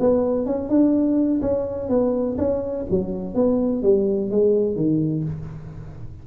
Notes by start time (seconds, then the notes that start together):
0.00 B3
0.46 C#4
0.69 D4
1.42 C#4
1.89 B3
2.38 C#4
2.90 F#3
3.35 B3
3.83 G3
4.31 G#3
4.76 D#3